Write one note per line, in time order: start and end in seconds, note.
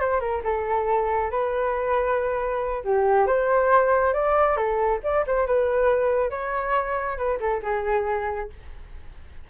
0.00 0.20 C5
0.20 0.42 A#4
0.44 1.30 A4
1.30 2.82 B4
2.84 3.26 G4
3.26 4.13 C5
4.13 4.56 D5
4.56 5.00 A4
5.03 5.25 D5
5.27 5.46 C5
5.46 6.30 B4
6.30 7.17 C#5
7.17 7.39 B4
7.40 7.61 A4
7.63 8.50 G#4